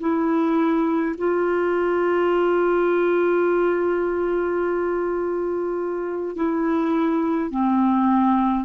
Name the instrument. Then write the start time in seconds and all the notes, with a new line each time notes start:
clarinet
0.00 E4
1.18 F4
6.36 E4
7.51 C4